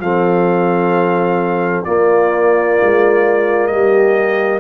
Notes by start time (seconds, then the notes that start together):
0.00 F3 C4 A4 F5
1.84 A#3 F4 D5
2.82 G#3
3.67 G3 G4 D#5